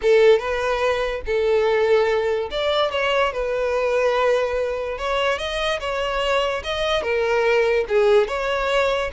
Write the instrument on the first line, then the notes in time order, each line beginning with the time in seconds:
violin
0.02 A4
0.38 B4
1.25 A4
2.51 D5
2.91 C#5
3.33 B4
4.97 C#5
5.38 D#5
5.80 C#5
6.63 D#5
7.02 A#4
7.88 G#4
8.27 C#5